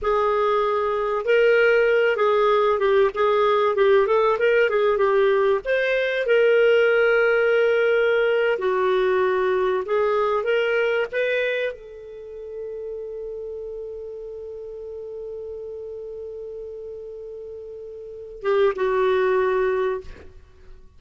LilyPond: \new Staff \with { instrumentName = "clarinet" } { \time 4/4 \tempo 4 = 96 gis'2 ais'4. gis'8~ | gis'8 g'8 gis'4 g'8 a'8 ais'8 gis'8 | g'4 c''4 ais'2~ | ais'4.~ ais'16 fis'2 gis'16~ |
gis'8. ais'4 b'4 a'4~ a'16~ | a'1~ | a'1~ | a'4. g'8 fis'2 | }